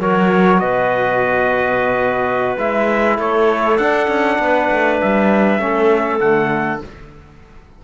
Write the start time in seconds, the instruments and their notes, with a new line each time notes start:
0.00 cello F#3, trombone F#4, clarinet A#4, trumpet C#5
0.60 cello B2, clarinet B4, trumpet D#5
2.58 cello G#3, trombone E4, trumpet E5
3.18 cello A3, clarinet A4, trumpet C#5
3.78 cello D4, trombone D4, trumpet F#5
4.08 cello C#4
4.39 cello B3, clarinet B4
4.71 cello A3
5.01 cello G3, trumpet E5
5.59 cello A3, trombone C#4, clarinet A4
6.20 cello D3, trombone A3, trumpet F#5